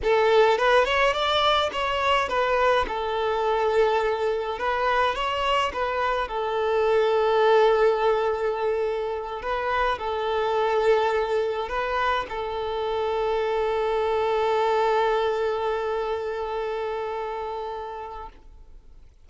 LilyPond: \new Staff \with { instrumentName = "violin" } { \time 4/4 \tempo 4 = 105 a'4 b'8 cis''8 d''4 cis''4 | b'4 a'2. | b'4 cis''4 b'4 a'4~ | a'1~ |
a'8 b'4 a'2~ a'8~ | a'8 b'4 a'2~ a'8~ | a'1~ | a'1 | }